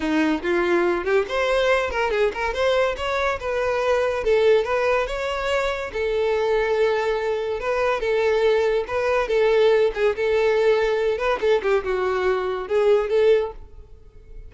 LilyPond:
\new Staff \with { instrumentName = "violin" } { \time 4/4 \tempo 4 = 142 dis'4 f'4. g'8 c''4~ | c''8 ais'8 gis'8 ais'8 c''4 cis''4 | b'2 a'4 b'4 | cis''2 a'2~ |
a'2 b'4 a'4~ | a'4 b'4 a'4. gis'8 | a'2~ a'8 b'8 a'8 g'8 | fis'2 gis'4 a'4 | }